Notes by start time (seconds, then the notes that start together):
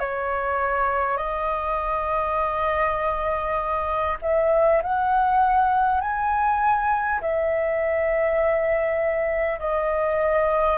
0.00 C#5
1.17 D#5
4.22 E5
4.83 F#5
6.01 G#5
7.22 E5
9.59 D#5